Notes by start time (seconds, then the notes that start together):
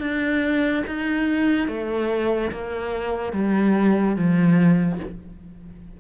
0.00 D4
0.87 D#4
1.68 A3
2.51 A#3
3.33 G3
4.16 F3